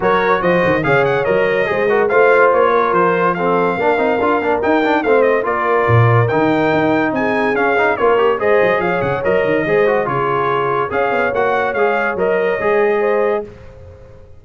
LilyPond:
<<
  \new Staff \with { instrumentName = "trumpet" } { \time 4/4 \tempo 4 = 143 cis''4 dis''4 f''8 fis''8 dis''4~ | dis''4 f''4 cis''4 c''4 | f''2. g''4 | f''8 dis''8 d''2 g''4~ |
g''4 gis''4 f''4 cis''4 | dis''4 f''8 fis''8 dis''2 | cis''2 f''4 fis''4 | f''4 dis''2. | }
  \new Staff \with { instrumentName = "horn" } { \time 4/4 ais'4 c''4 cis''2 | c''8 ais'8 c''4. ais'4. | a'4 ais'2. | c''4 ais'2.~ |
ais'4 gis'2 ais'4 | c''4 cis''2 c''4 | gis'2 cis''2~ | cis''2. c''4 | }
  \new Staff \with { instrumentName = "trombone" } { \time 4/4 fis'2 gis'4 ais'4 | gis'8 fis'8 f'2. | c'4 d'8 dis'8 f'8 d'8 dis'8 d'8 | c'4 f'2 dis'4~ |
dis'2 cis'8 dis'8 f'8 g'8 | gis'2 ais'4 gis'8 fis'8 | f'2 gis'4 fis'4 | gis'4 ais'4 gis'2 | }
  \new Staff \with { instrumentName = "tuba" } { \time 4/4 fis4 f8 dis8 cis4 fis4 | gis4 a4 ais4 f4~ | f4 ais8 c'8 d'8 ais8 dis'4 | a4 ais4 ais,4 dis4 |
dis'4 c'4 cis'4 ais4 | gis8 fis8 f8 cis8 fis8 dis8 gis4 | cis2 cis'8 b8 ais4 | gis4 fis4 gis2 | }
>>